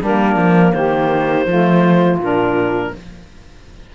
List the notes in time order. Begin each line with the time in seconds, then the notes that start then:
0.00 G3 A#3 D4 A#4
0.36 F3
0.72 D#3 G4 C5
1.46 F3 A3 F4
2.19 A#2 D4 A#4